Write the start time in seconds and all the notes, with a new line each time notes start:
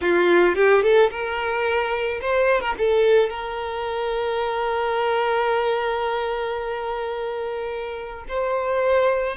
0.01 F4
0.55 G4
0.82 A4
1.10 A#4
2.21 C5
2.60 A#4
2.78 A4
3.29 A#4
8.28 C5